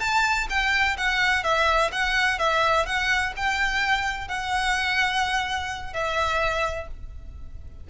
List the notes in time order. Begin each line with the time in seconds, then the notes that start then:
0.00 A5
0.50 G5
0.97 F#5
1.44 E5
1.92 F#5
2.39 E5
2.86 F#5
3.37 G5
4.28 F#5
5.93 E5